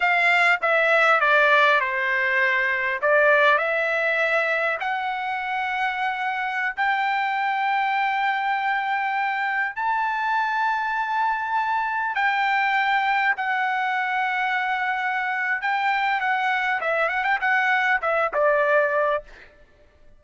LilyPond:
\new Staff \with { instrumentName = "trumpet" } { \time 4/4 \tempo 4 = 100 f''4 e''4 d''4 c''4~ | c''4 d''4 e''2 | fis''2.~ fis''16 g''8.~ | g''1~ |
g''16 a''2.~ a''8.~ | a''16 g''2 fis''4.~ fis''16~ | fis''2 g''4 fis''4 | e''8 fis''16 g''16 fis''4 e''8 d''4. | }